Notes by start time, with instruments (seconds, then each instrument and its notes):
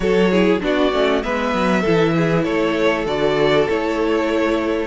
0.00 cello F#3, viola F#4, violin A4 C#5
0.31 viola E4, violin G#4
0.60 cello B3, viola D4, violin F#4 D5
0.92 cello A3, viola C#4
1.22 cello G#3, viola B3, violin B4 E5
1.54 cello F#3
1.80 cello E3, viola E4, violin A4
2.16 violin G#4
2.44 cello A3, violin A4 C#5
3.05 cello D3, viola F#4, violin D5
3.68 cello A3, viola E4, violin C#5